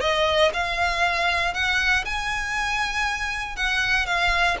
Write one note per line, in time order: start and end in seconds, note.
0.00 0.51 D#5
0.53 1.53 F5
1.53 2.04 F#5
2.05 3.56 G#5
3.56 4.06 F#5
4.06 4.56 F5